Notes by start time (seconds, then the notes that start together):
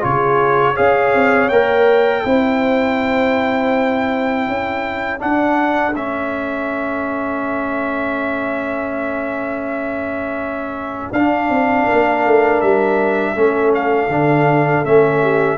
0.00 C#3 F4 G#4 C#5
0.73 C#4 G#4 C#5 F5
1.14 C4
1.49 A#3 A#4 G5
2.24 C4 E4 C5
4.47 C#4 A4
5.19 D4 F#5
5.94 A3 C#4 E5
11.12 D4 F5
11.49 C4
11.84 A#4
11.92 A#3
12.26 A3
12.60 G3 E5
13.35 A3 C#4 A4
13.74 F5
14.08 D3 D4
14.84 A3 C#4 E5
15.21 G4